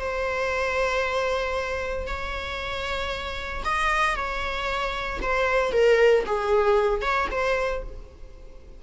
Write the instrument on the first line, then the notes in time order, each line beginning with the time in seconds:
viola
0.00 C5
2.08 C#5
3.65 D#5
4.16 C#5
5.22 C5
5.72 A#4
6.26 G#4
7.02 C#5
7.31 C5